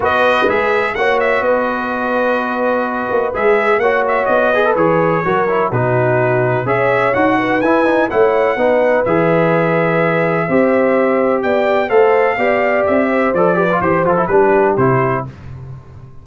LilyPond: <<
  \new Staff \with { instrumentName = "trumpet" } { \time 4/4 \tempo 4 = 126 dis''4 e''4 fis''8 e''8 dis''4~ | dis''2. e''4 | fis''8 e''8 dis''4 cis''2 | b'2 e''4 fis''4 |
gis''4 fis''2 e''4~ | e''1 | g''4 f''2 e''4 | d''4 c''8 a'8 b'4 c''4 | }
  \new Staff \with { instrumentName = "horn" } { \time 4/4 b'2 cis''4 b'4~ | b'1 | cis''4. b'4. ais'4 | fis'2 cis''4. b'8~ |
b'4 cis''4 b'2~ | b'2 c''2 | d''4 c''4 d''4. c''8~ | c''8 b'8 c''4 g'2 | }
  \new Staff \with { instrumentName = "trombone" } { \time 4/4 fis'4 gis'4 fis'2~ | fis'2. gis'4 | fis'4. gis'16 a'16 gis'4 fis'8 e'8 | dis'2 gis'4 fis'4 |
e'8 dis'8 e'4 dis'4 gis'4~ | gis'2 g'2~ | g'4 a'4 g'2 | a'8 g'16 f'16 g'8 f'16 e'16 d'4 e'4 | }
  \new Staff \with { instrumentName = "tuba" } { \time 4/4 b4 gis4 ais4 b4~ | b2~ b8 ais8 gis4 | ais4 b4 e4 fis4 | b,2 cis'4 dis'4 |
e'4 a4 b4 e4~ | e2 c'2 | b4 a4 b4 c'4 | f4 e8 f8 g4 c4 | }
>>